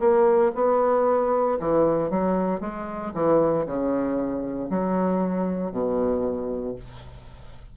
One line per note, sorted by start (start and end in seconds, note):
0.00 0.52 A#3
0.55 1.59 B3
1.60 2.11 E3
2.11 2.61 F#3
2.61 3.13 G#3
3.15 3.66 E3
3.66 4.70 C#3
4.71 5.72 F#3
5.72 6.76 B2